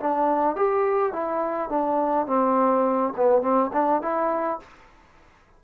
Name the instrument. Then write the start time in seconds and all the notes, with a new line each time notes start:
trombone
0.00 D4
0.56 G4
1.13 E4
1.69 D4
2.27 C4
3.17 B3
3.42 C4
3.73 D4
4.02 E4